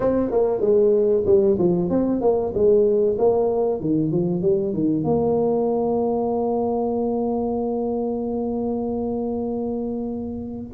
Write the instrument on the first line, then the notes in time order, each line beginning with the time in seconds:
tuba
0.00 C4
0.30 A#3
0.61 G#3
1.26 G3
1.58 F3
1.89 C4
2.21 A#3
2.54 G#3
3.18 A#3
3.80 D#3
4.11 F3
4.42 G3
4.73 D#3
5.04 A#3